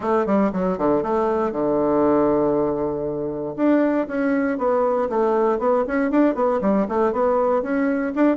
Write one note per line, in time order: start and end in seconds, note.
0.00 0.25 A3
0.25 0.51 G3
0.52 0.77 F#3
0.78 1.02 D3
1.02 1.52 A3
1.52 3.55 D3
3.56 4.07 D4
4.07 4.58 C#4
4.58 5.08 B3
5.09 5.58 A3
5.58 5.84 B3
5.87 6.11 C#4
6.11 6.34 D4
6.34 6.60 B3
6.61 6.86 G3
6.88 7.12 A3
7.12 7.62 B3
7.62 8.13 C#4
8.15 8.36 D4